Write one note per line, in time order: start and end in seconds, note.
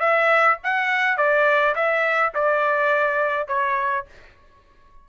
0.00 0.58 E5
0.64 1.17 F#5
1.17 1.75 D5
1.75 2.33 E5
2.35 3.48 D5
3.48 4.06 C#5